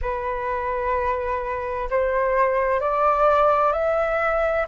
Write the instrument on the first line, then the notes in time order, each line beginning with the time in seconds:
flute
0.01 B4
1.90 C5
2.80 D5
3.72 E5